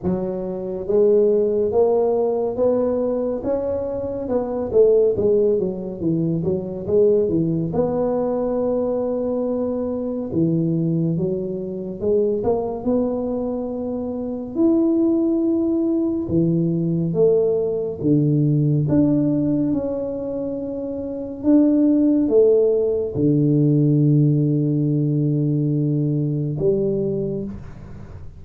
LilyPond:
\new Staff \with { instrumentName = "tuba" } { \time 4/4 \tempo 4 = 70 fis4 gis4 ais4 b4 | cis'4 b8 a8 gis8 fis8 e8 fis8 | gis8 e8 b2. | e4 fis4 gis8 ais8 b4~ |
b4 e'2 e4 | a4 d4 d'4 cis'4~ | cis'4 d'4 a4 d4~ | d2. g4 | }